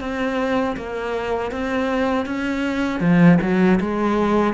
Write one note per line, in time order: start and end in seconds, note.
0.00 0.76 C4
0.77 1.51 A#3
1.51 2.25 C4
2.25 3.00 C#4
3.00 3.38 F3
3.41 3.79 F#3
3.80 4.53 G#3